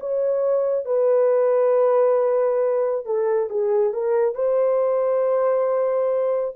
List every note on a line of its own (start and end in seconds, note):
0.00 0.85 C#5
0.85 3.06 B4
3.06 3.49 A4
3.49 3.93 G#4
3.93 4.35 A#4
4.35 6.55 C5